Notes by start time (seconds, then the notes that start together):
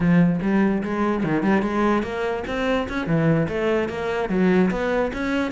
0.00 F3
0.42 G3
0.83 G#3
1.23 D#3
1.42 G3
1.62 G#3
2.02 A#3
2.47 C4
2.88 C#4
3.06 E3
3.48 A3
3.88 A#3
4.29 F#3
4.70 B3
5.13 C#4